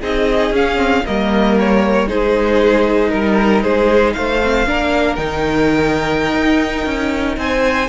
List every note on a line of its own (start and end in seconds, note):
0.00 0.51 C4
0.00 0.54 D#4
0.00 1.03 G#4
0.00 0.55 D#5
0.51 1.03 C#4
0.51 0.77 C#4
0.51 1.06 F5
0.77 1.03 C4
1.06 2.11 G3
1.06 2.08 A#3
1.06 2.08 A#4
1.06 1.58 D#5
1.60 2.09 C#5
2.08 3.13 G#3
2.08 4.41 D#4
2.08 3.11 G#4
2.08 3.10 C5
3.10 3.64 G3
3.10 3.62 A#4
3.10 3.64 A#4
3.62 4.16 G#3
3.62 4.16 G#4
3.62 4.13 C5
4.13 4.67 A3
4.13 4.68 C5
4.13 5.15 F5
4.43 4.66 C4
4.66 5.18 A#3
4.66 5.18 D4
4.66 7.38 A#4
5.15 6.34 D#3
5.15 7.89 D#4
5.15 7.35 G5
6.34 6.86 D#4
6.86 7.37 C#4
7.37 7.89 C4
7.37 7.89 C5
7.37 7.89 G#5